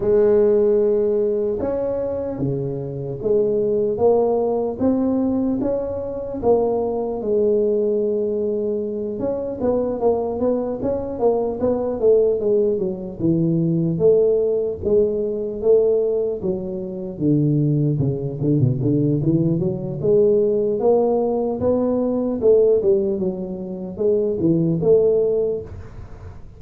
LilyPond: \new Staff \with { instrumentName = "tuba" } { \time 4/4 \tempo 4 = 75 gis2 cis'4 cis4 | gis4 ais4 c'4 cis'4 | ais4 gis2~ gis8 cis'8 | b8 ais8 b8 cis'8 ais8 b8 a8 gis8 |
fis8 e4 a4 gis4 a8~ | a8 fis4 d4 cis8 d16 b,16 d8 | e8 fis8 gis4 ais4 b4 | a8 g8 fis4 gis8 e8 a4 | }